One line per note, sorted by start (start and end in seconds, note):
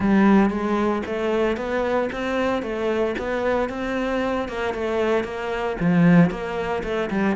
0.00 0.50 G3
0.50 1.02 G#3
1.06 1.56 A3
1.56 2.09 B3
2.12 2.62 C4
2.62 3.15 A3
3.18 3.69 B3
3.69 4.48 C4
4.48 4.74 A#3
4.74 5.23 A3
5.23 5.76 A#3
5.79 6.30 F3
6.30 6.83 A#3
6.83 7.09 A3
7.10 7.35 G3